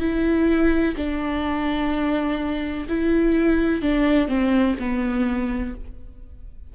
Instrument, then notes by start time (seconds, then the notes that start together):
viola
0.00 E4
0.97 D4
2.89 E4
3.82 D4
4.29 C4
4.80 B3